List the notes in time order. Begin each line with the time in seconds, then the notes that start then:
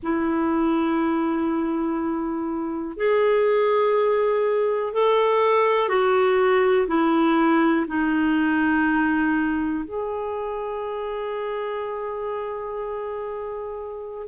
0.03 E4
2.96 G#4
4.93 A4
5.88 F#4
6.87 E4
7.87 D#4
9.84 G#4